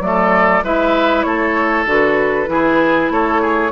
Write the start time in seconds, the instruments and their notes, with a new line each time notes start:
0.00 bassoon F#3, clarinet A3, flute D5
0.06 oboe A4
0.62 bassoon G#3, clarinet E4, oboe B4, flute E5
1.22 bassoon A3, oboe A4, flute C#5
1.85 bassoon D3, clarinet F#4, flute B4
2.46 bassoon E3, clarinet E4, oboe G#4
3.10 bassoon A3, oboe A4, flute C#5
3.41 oboe G#4